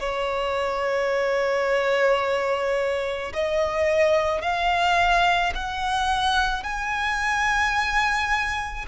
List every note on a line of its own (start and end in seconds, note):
0.00 3.33 C#5
3.33 4.42 D#5
4.42 5.53 F5
5.55 6.64 F#5
6.64 8.86 G#5